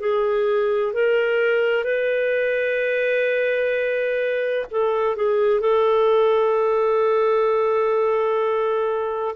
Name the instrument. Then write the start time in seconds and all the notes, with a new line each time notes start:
clarinet
0.00 G#4
0.93 A#4
1.84 B4
4.71 A4
5.16 G#4
5.60 A4